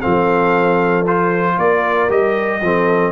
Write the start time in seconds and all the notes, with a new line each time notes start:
0.00 F3 C4 A4 F5
1.07 F4 C5
1.58 A#3 A#4 D5
2.10 G3 G4 D#5
2.62 F3 C4 A4